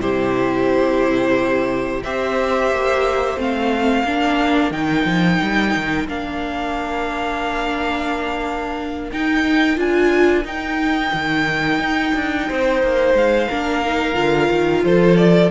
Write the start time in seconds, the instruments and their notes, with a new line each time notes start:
0.00 cello C3, viola E4, violin G4 C5
2.03 cello C4, viola G4, violin C5 E5
2.71 cello A#3
3.37 cello A3, viola C4, violin F5
4.03 cello A#3, viola D4, violin A#4
4.70 cello D#3, viola D#4, violin G5
5.04 cello F3
5.42 cello G3
5.76 cello D#3
6.07 cello A#3, viola D4, violin F5
9.12 cello D#4, viola D#4, violin G5
9.76 cello D4, viola F4, violin G#5
10.44 cello D#4, viola D#4, violin G5
11.13 cello D#3
11.79 cello D#4
12.15 cello D4
12.48 cello C4, violin C5
12.83 cello A#3
13.14 cello G#3, violin F5
13.48 cello A#3, viola D4, violin A#4
13.85 viola D#4
14.14 cello D3, viola F4
14.51 cello D#3
14.84 cello F3, violin A4 C5
15.17 violin D5